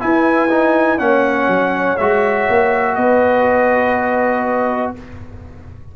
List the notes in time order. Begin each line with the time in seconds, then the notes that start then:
0.00 E4 B4 G#5
0.50 D#4
0.99 A#3 C#4 C#5 F#5
1.48 F#3
1.97 G#3 F#4 E5
2.49 A#3
2.95 B3 B4 D#5